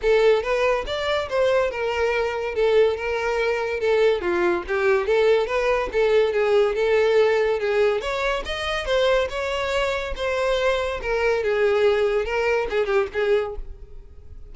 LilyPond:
\new Staff \with { instrumentName = "violin" } { \time 4/4 \tempo 4 = 142 a'4 b'4 d''4 c''4 | ais'2 a'4 ais'4~ | ais'4 a'4 f'4 g'4 | a'4 b'4 a'4 gis'4 |
a'2 gis'4 cis''4 | dis''4 c''4 cis''2 | c''2 ais'4 gis'4~ | gis'4 ais'4 gis'8 g'8 gis'4 | }